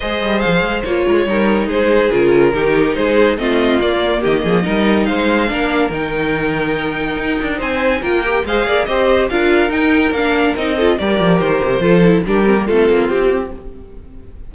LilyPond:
<<
  \new Staff \with { instrumentName = "violin" } { \time 4/4 \tempo 4 = 142 dis''4 f''4 cis''2 | c''4 ais'2 c''4 | dis''4 d''4 dis''2 | f''2 g''2~ |
g''2 gis''4 g''4 | f''4 dis''4 f''4 g''4 | f''4 dis''4 d''4 c''4~ | c''4 ais'4 a'4 g'4 | }
  \new Staff \with { instrumentName = "violin" } { \time 4/4 c''2~ c''8 ais'16 gis'16 ais'4 | gis'2 g'4 gis'4 | f'2 g'8 gis'8 ais'4 | c''4 ais'2.~ |
ais'2 c''4 ais'4 | c''8 d''8 c''4 ais'2~ | ais'4. a'8 ais'2 | a'4 g'4 f'2 | }
  \new Staff \with { instrumentName = "viola" } { \time 4/4 gis'2 f'4 dis'4~ | dis'4 f'4 dis'2 | c'4 ais2 dis'4~ | dis'4 d'4 dis'2~ |
dis'2. f'8 g'8 | gis'4 g'4 f'4 dis'4 | d'4 dis'8 f'8 g'2 | f'8 e'8 d'8 c'16 ais16 c'2 | }
  \new Staff \with { instrumentName = "cello" } { \time 4/4 gis8 g8 f8 gis8 ais8 gis8 g4 | gis4 cis4 dis4 gis4 | a4 ais4 dis8 f8 g4 | gis4 ais4 dis2~ |
dis4 dis'8 d'8 c'4 ais4 | gis8 ais8 c'4 d'4 dis'4 | ais4 c'4 g8 f8 dis8 c8 | f4 g4 a8 ais8 c'4 | }
>>